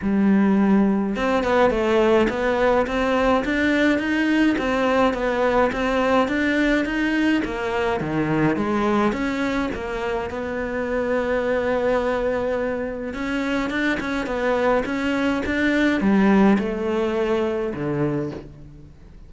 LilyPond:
\new Staff \with { instrumentName = "cello" } { \time 4/4 \tempo 4 = 105 g2 c'8 b8 a4 | b4 c'4 d'4 dis'4 | c'4 b4 c'4 d'4 | dis'4 ais4 dis4 gis4 |
cis'4 ais4 b2~ | b2. cis'4 | d'8 cis'8 b4 cis'4 d'4 | g4 a2 d4 | }